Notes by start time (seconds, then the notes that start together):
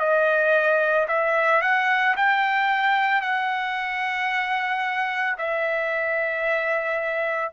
0.00 D#5
1.08 E5
1.62 F#5
2.16 G5
3.22 F#5
5.38 E5